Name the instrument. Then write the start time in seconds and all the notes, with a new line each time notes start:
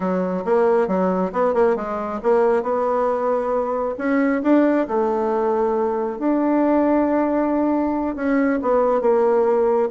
bassoon
0.00 F#3
0.45 A#3
0.87 F#3
1.32 B3
1.54 A#3
1.75 G#3
2.22 A#3
2.62 B3
3.98 C#4
4.43 D4
4.87 A3
6.19 D4
8.15 C#4
8.62 B3
9.01 A#3